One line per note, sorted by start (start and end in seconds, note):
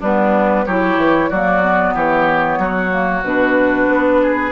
0.00 0.66 G3
0.00 0.67 B3
0.00 0.65 D4
0.00 0.66 B4
0.66 0.96 F#3
0.66 1.32 E4
0.66 1.29 G4
0.66 1.29 C#5
0.96 1.28 E3
1.29 1.94 F#3
1.29 1.62 A#3
1.29 1.94 F#4
1.29 1.93 D5
1.62 2.90 B3
1.94 2.58 E3
1.94 2.58 G4
1.94 3.24 C#5
2.58 3.23 F#3
2.58 4.21 F#4
2.90 3.22 A#3
3.23 3.87 B2
3.23 4.52 D4
3.23 4.52 B4
3.87 4.51 B3
4.22 4.52 G#4